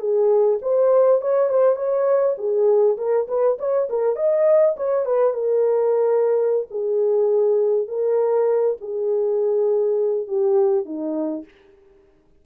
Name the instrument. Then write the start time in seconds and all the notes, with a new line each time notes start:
horn
0.00 G#4
0.62 C5
1.22 C#5
1.50 C5
1.76 C#5
2.38 G#4
2.98 A#4
3.28 B4
3.59 C#5
3.90 A#4
4.16 D#5
4.77 C#5
5.06 B4
5.34 A#4
6.71 G#4
7.88 A#4
8.81 G#4
10.28 G4
10.86 D#4